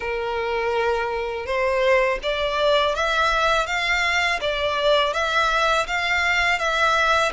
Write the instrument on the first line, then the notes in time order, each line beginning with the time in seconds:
violin
0.00 A#4
1.45 C5
2.22 D5
2.95 E5
3.66 F5
4.40 D5
5.13 E5
5.87 F5
6.58 E5